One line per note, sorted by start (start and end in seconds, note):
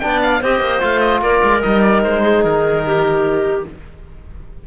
0.00 0.42 B3
0.00 0.42 D4
0.00 0.20 G5
0.07 0.40 D5
0.23 0.43 F5
0.40 0.61 C4
0.40 0.80 G4
0.40 1.21 C5
0.40 0.83 D#5
0.61 0.81 A#3
0.80 1.21 A3
0.80 1.61 F4
0.80 1.01 F5
1.01 1.21 D#5
1.21 1.41 A#3
1.21 2.22 A#4
1.21 1.62 D5
1.43 1.63 G#3
1.61 2.05 G3
1.61 3.62 D#4
1.61 1.82 D#5
1.82 2.02 D5
2.04 2.45 G#3
2.04 2.44 C5
2.22 2.83 G#4
2.44 3.65 D#3
2.44 3.65 A#4
2.86 3.67 G4